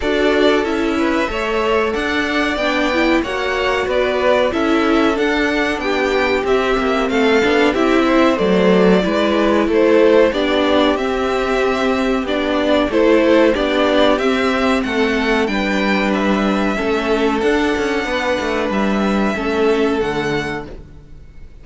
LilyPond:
<<
  \new Staff \with { instrumentName = "violin" } { \time 4/4 \tempo 4 = 93 d''4 e''2 fis''4 | g''4 fis''4 d''4 e''4 | fis''4 g''4 e''4 f''4 | e''4 d''2 c''4 |
d''4 e''2 d''4 | c''4 d''4 e''4 fis''4 | g''4 e''2 fis''4~ | fis''4 e''2 fis''4 | }
  \new Staff \with { instrumentName = "violin" } { \time 4/4 a'4. b'8 cis''4 d''4~ | d''4 cis''4 b'4 a'4~ | a'4 g'2 a'4 | g'8 c''4. b'4 a'4 |
g'1 | a'4 g'2 a'4 | b'2 a'2 | b'2 a'2 | }
  \new Staff \with { instrumentName = "viola" } { \time 4/4 fis'4 e'4 a'2 | d'8 e'8 fis'2 e'4 | d'2 c'4. d'8 | e'4 a4 e'2 |
d'4 c'2 d'4 | e'4 d'4 c'2 | d'2 cis'4 d'4~ | d'2 cis'4 a4 | }
  \new Staff \with { instrumentName = "cello" } { \time 4/4 d'4 cis'4 a4 d'4 | b4 ais4 b4 cis'4 | d'4 b4 c'8 ais8 a8 b8 | c'4 fis4 gis4 a4 |
b4 c'2 b4 | a4 b4 c'4 a4 | g2 a4 d'8 cis'8 | b8 a8 g4 a4 d4 | }
>>